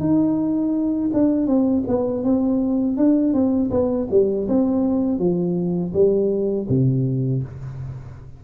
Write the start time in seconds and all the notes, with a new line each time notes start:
0.00 D#4
1.14 D4
1.47 C4
1.88 B3
2.24 C4
2.97 D4
3.34 C4
3.71 B3
4.11 G3
4.48 C4
5.19 F3
5.94 G3
6.69 C3